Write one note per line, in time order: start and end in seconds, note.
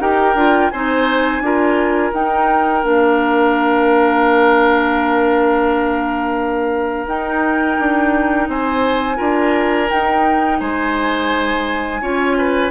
0.00 0.35 D#4
0.00 0.36 G4
0.00 0.72 A#4
0.00 0.70 G5
0.35 0.70 D4
0.35 0.72 F4
0.70 1.41 C4
0.70 1.43 D#4
0.70 1.43 C5
0.70 2.11 G#5
1.41 2.11 D4
1.41 2.13 F4
1.41 8.49 A#4
2.13 2.83 D#4
2.13 2.82 D#4
2.13 2.84 G5
2.82 7.07 A#3
2.82 7.06 D4
2.82 7.07 F5
7.07 7.77 D#4
7.07 9.16 D#4
7.07 8.48 G5
7.79 8.48 D4
8.48 9.19 C4
8.48 9.17 C5
8.48 9.90 G#5
9.16 9.90 D4
9.16 9.87 F4
9.16 10.58 A#4
9.90 12.01 D#4
9.90 10.61 D#4
9.90 10.59 G5
10.59 12.01 G#3
10.59 12.01 C5
10.59 12.71 G#5
12.01 12.71 C#4
12.01 12.71 F4
12.01 12.37 C#5
12.38 12.71 B4